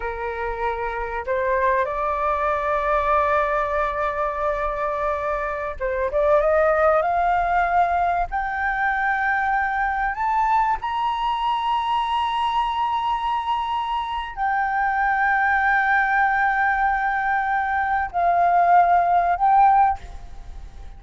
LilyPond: \new Staff \with { instrumentName = "flute" } { \time 4/4 \tempo 4 = 96 ais'2 c''4 d''4~ | d''1~ | d''4~ d''16 c''8 d''8 dis''4 f''8.~ | f''4~ f''16 g''2~ g''8.~ |
g''16 a''4 ais''2~ ais''8.~ | ais''2. g''4~ | g''1~ | g''4 f''2 g''4 | }